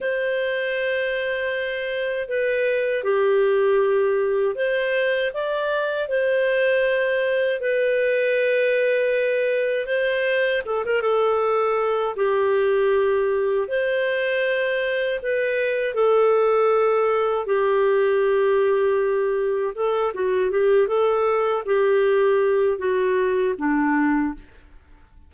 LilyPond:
\new Staff \with { instrumentName = "clarinet" } { \time 4/4 \tempo 4 = 79 c''2. b'4 | g'2 c''4 d''4 | c''2 b'2~ | b'4 c''4 a'16 ais'16 a'4. |
g'2 c''2 | b'4 a'2 g'4~ | g'2 a'8 fis'8 g'8 a'8~ | a'8 g'4. fis'4 d'4 | }